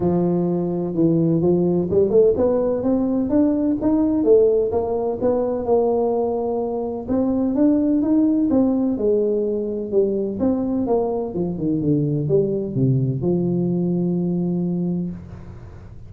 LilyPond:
\new Staff \with { instrumentName = "tuba" } { \time 4/4 \tempo 4 = 127 f2 e4 f4 | g8 a8 b4 c'4 d'4 | dis'4 a4 ais4 b4 | ais2. c'4 |
d'4 dis'4 c'4 gis4~ | gis4 g4 c'4 ais4 | f8 dis8 d4 g4 c4 | f1 | }